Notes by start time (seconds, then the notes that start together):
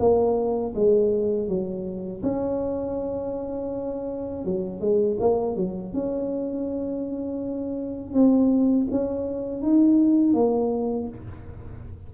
0.00 A#3
0.75 G#3
1.48 F#3
2.23 C#4
4.45 F#3
4.80 G#3
5.21 A#3
5.57 F#3
5.94 C#4
8.13 C4
8.91 C#4
9.62 D#4
10.34 A#3